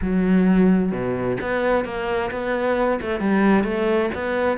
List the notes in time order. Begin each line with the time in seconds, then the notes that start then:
0.01 F#3
0.91 B2
1.41 B3
1.84 A#3
2.31 B3
3.01 A3
3.19 G3
3.64 A3
4.14 B3